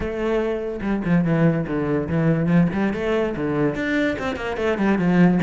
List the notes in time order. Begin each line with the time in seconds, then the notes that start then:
0.00 A3
0.81 G3
1.05 F3
1.24 E3
1.66 D3
2.08 E3
2.47 F3
2.73 G3
2.93 A3
3.36 D3
3.75 D4
4.19 C4
4.36 A#3
4.57 A3
4.78 G3
4.98 F3